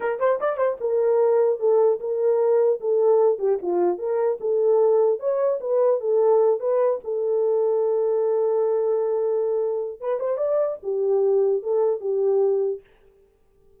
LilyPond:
\new Staff \with { instrumentName = "horn" } { \time 4/4 \tempo 4 = 150 ais'8 c''8 d''8 c''8 ais'2 | a'4 ais'2 a'4~ | a'8 g'8 f'4 ais'4 a'4~ | a'4 cis''4 b'4 a'4~ |
a'8 b'4 a'2~ a'8~ | a'1~ | a'4 b'8 c''8 d''4 g'4~ | g'4 a'4 g'2 | }